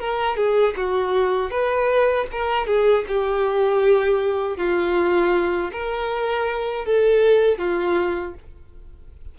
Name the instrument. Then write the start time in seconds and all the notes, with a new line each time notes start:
violin
0.00 A#4
0.37 G#4
0.77 F#4
1.51 B4
2.32 A#4
2.67 G#4
3.08 G4
4.57 F4
5.72 A#4
6.86 A4
7.58 F4